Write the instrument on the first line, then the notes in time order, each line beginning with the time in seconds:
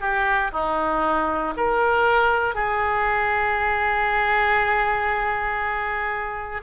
oboe
0.00 G4
0.52 D#4
1.57 A#4
2.55 G#4